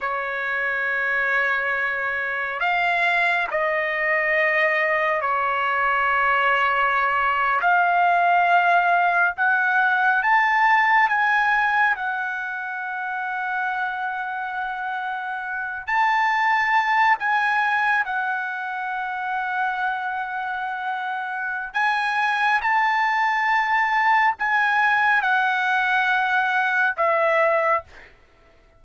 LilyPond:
\new Staff \with { instrumentName = "trumpet" } { \time 4/4 \tempo 4 = 69 cis''2. f''4 | dis''2 cis''2~ | cis''8. f''2 fis''4 a''16~ | a''8. gis''4 fis''2~ fis''16~ |
fis''2~ fis''16 a''4. gis''16~ | gis''8. fis''2.~ fis''16~ | fis''4 gis''4 a''2 | gis''4 fis''2 e''4 | }